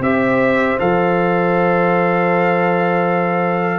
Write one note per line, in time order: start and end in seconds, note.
0.00 0.76 C4
0.00 0.78 G4
0.00 3.79 C5
0.00 0.78 E5
0.79 3.79 F3
0.79 3.79 A4
0.79 3.79 F5